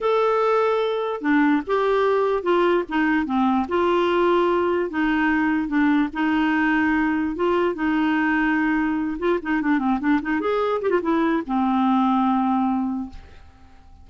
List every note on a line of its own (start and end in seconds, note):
0.00 1.21 A4
1.21 1.62 D4
1.66 2.42 G4
2.42 2.83 F4
2.88 3.25 D#4
3.25 3.66 C4
3.68 4.90 F4
4.90 5.68 D#4
5.68 6.09 D4
6.13 7.35 D#4
7.35 7.74 F4
7.74 9.17 D#4
9.18 9.39 F4
9.42 9.61 D#4
9.61 9.78 D4
9.78 9.99 C4
10.00 10.20 D4
10.22 10.40 D#4
10.40 10.81 G#4
10.81 10.90 G4
10.90 11.00 F4
11.02 11.42 E4
11.46 13.09 C4